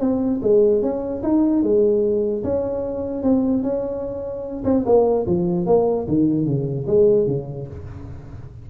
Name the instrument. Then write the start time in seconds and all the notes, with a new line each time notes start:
tuba
0.00 C4
0.42 G#3
0.82 C#4
1.23 D#4
1.63 G#3
2.43 C#4
3.23 C4
3.63 C#4
4.65 C4
4.86 A#3
5.26 F3
5.66 A#3
6.08 D#3
6.45 C#3
6.87 G#3
7.27 C#3